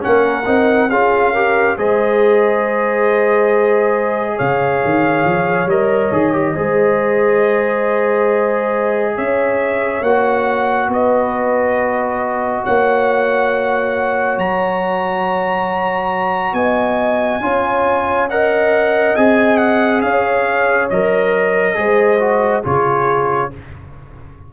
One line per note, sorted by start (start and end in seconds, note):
0.00 0.46 A#3
0.00 0.43 C#4
0.00 0.89 A#4
0.00 0.90 F#5
0.45 0.90 C4
0.45 0.89 D#4
0.89 1.77 C#4
0.89 1.35 F4
0.89 1.32 G#4
0.89 1.77 F5
1.32 1.77 G4
1.32 1.75 A#4
1.77 4.38 G#3
1.77 5.69 G#4
1.77 4.36 C5
1.77 4.38 D#5
4.36 4.83 C#3
4.36 6.53 C#5
4.36 5.69 F5
4.84 5.24 D#3
5.24 5.66 F3
5.66 6.09 G3
5.66 6.12 A#4
5.66 9.17 D#5
6.11 6.55 D#3
6.11 6.32 G#4
6.32 6.54 G4
6.54 9.17 G#3
6.54 10.03 G#4
6.54 9.14 C5
9.15 10.01 C#4
9.15 10.89 C#5
9.15 10.03 E5
10.01 10.88 A#3
10.01 17.42 F#4
10.01 10.90 F#5
10.88 12.62 B3
10.88 12.63 B4
10.88 12.64 D#5
12.63 14.37 A#3
12.63 16.54 C#5
12.63 14.38 F#5
14.37 16.53 F#3
14.37 16.54 A#5
16.53 17.39 B3
16.53 17.42 D#5
16.53 18.28 G#5
17.40 19.14 C#4
17.40 18.29 F4
17.40 18.30 C#5
18.29 19.17 A#4
18.29 20.03 D#5
18.29 19.16 F#5
19.16 20.02 C4
19.16 20.91 G#4
19.16 19.57 G#5
19.57 20.00 F#5
20.01 20.89 C#4
20.01 21.76 C#5
20.01 20.88 F5
20.90 21.76 F#3
20.90 21.74 A#4
20.90 22.64 D#5
21.74 22.63 G#3
21.74 22.18 G#4
21.74 22.64 C5
22.19 22.62 F#4
22.63 23.52 C#3
22.63 23.50 F4
22.63 23.51 G#4
22.63 23.52 C#5